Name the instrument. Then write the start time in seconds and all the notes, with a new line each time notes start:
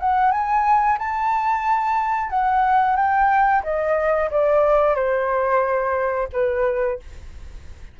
flute
0.00 F#5
0.32 G#5
0.99 A5
2.30 F#5
2.96 G5
3.64 D#5
4.31 D5
4.95 C5
6.33 B4